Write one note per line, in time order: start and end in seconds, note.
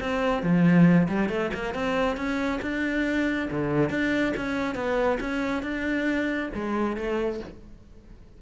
0.00 0.43 C4
0.43 1.08 F3
1.08 1.29 G3
1.29 1.51 A3
1.54 1.74 A#3
1.74 2.17 C4
2.17 2.60 C#4
2.62 3.49 D4
3.51 3.90 D3
3.90 4.33 D4
4.37 4.75 C#4
4.75 5.19 B3
5.20 5.62 C#4
5.62 6.49 D4
6.54 6.96 G#3
6.96 7.40 A3